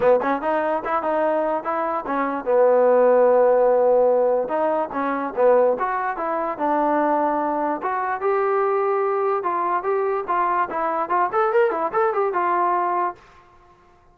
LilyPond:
\new Staff \with { instrumentName = "trombone" } { \time 4/4 \tempo 4 = 146 b8 cis'8 dis'4 e'8 dis'4. | e'4 cis'4 b2~ | b2. dis'4 | cis'4 b4 fis'4 e'4 |
d'2. fis'4 | g'2. f'4 | g'4 f'4 e'4 f'8 a'8 | ais'8 e'8 a'8 g'8 f'2 | }